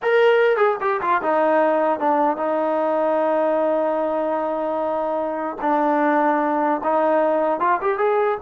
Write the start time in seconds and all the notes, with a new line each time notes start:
0.02 A#4
0.57 G#4
0.80 G4
1.01 F4
1.21 D#4
1.99 D4
2.36 D#4
5.61 D4
6.83 D#4
7.59 F4
7.81 G4
7.98 G#4